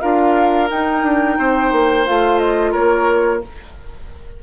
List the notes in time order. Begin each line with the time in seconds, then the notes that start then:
0.00 D4 F4 A#4 F5
0.70 D#4 G5
1.03 D4
1.38 C4 C5
1.72 A#3
2.06 A3 F4 F5
2.38 D#5
2.72 A#3 A#4 C#5